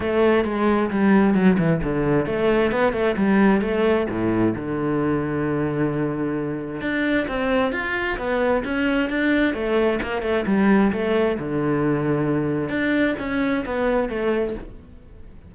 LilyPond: \new Staff \with { instrumentName = "cello" } { \time 4/4 \tempo 4 = 132 a4 gis4 g4 fis8 e8 | d4 a4 b8 a8 g4 | a4 a,4 d2~ | d2. d'4 |
c'4 f'4 b4 cis'4 | d'4 a4 ais8 a8 g4 | a4 d2. | d'4 cis'4 b4 a4 | }